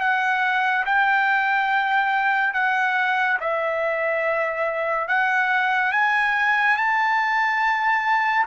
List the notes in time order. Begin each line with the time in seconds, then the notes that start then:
0.00 F#5
0.85 G5
2.54 F#5
3.40 E5
5.08 F#5
5.92 G#5
6.77 A5